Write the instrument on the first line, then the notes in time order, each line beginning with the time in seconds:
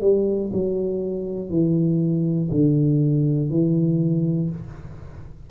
tuba
0.00 G3
0.53 F#3
1.49 E3
2.50 D3
3.50 E3